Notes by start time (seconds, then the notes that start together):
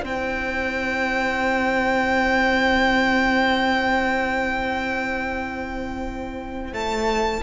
0.00 C4 E4 C5 G5
6.72 A3 A5